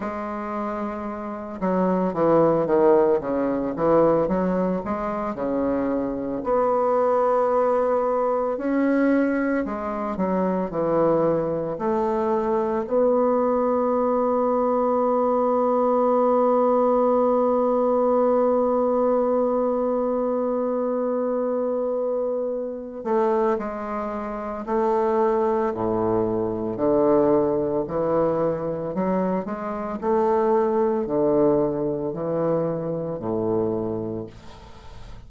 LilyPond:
\new Staff \with { instrumentName = "bassoon" } { \time 4/4 \tempo 4 = 56 gis4. fis8 e8 dis8 cis8 e8 | fis8 gis8 cis4 b2 | cis'4 gis8 fis8 e4 a4 | b1~ |
b1~ | b4. a8 gis4 a4 | a,4 d4 e4 fis8 gis8 | a4 d4 e4 a,4 | }